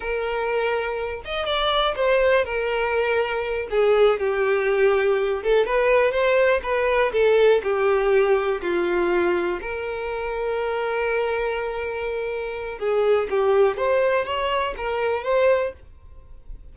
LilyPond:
\new Staff \with { instrumentName = "violin" } { \time 4/4 \tempo 4 = 122 ais'2~ ais'8 dis''8 d''4 | c''4 ais'2~ ais'8 gis'8~ | gis'8 g'2~ g'8 a'8 b'8~ | b'8 c''4 b'4 a'4 g'8~ |
g'4. f'2 ais'8~ | ais'1~ | ais'2 gis'4 g'4 | c''4 cis''4 ais'4 c''4 | }